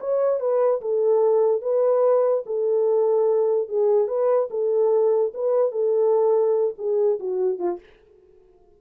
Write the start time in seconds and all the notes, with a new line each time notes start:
0.00 C#5
0.40 B4
0.81 A4
1.61 B4
2.46 A4
3.68 G#4
4.08 B4
4.50 A4
5.34 B4
5.72 A4
6.78 G#4
7.20 F#4
7.59 F4